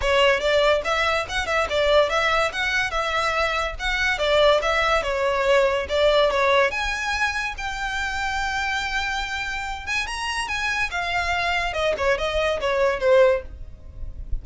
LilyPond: \new Staff \with { instrumentName = "violin" } { \time 4/4 \tempo 4 = 143 cis''4 d''4 e''4 fis''8 e''8 | d''4 e''4 fis''4 e''4~ | e''4 fis''4 d''4 e''4 | cis''2 d''4 cis''4 |
gis''2 g''2~ | g''2.~ g''8 gis''8 | ais''4 gis''4 f''2 | dis''8 cis''8 dis''4 cis''4 c''4 | }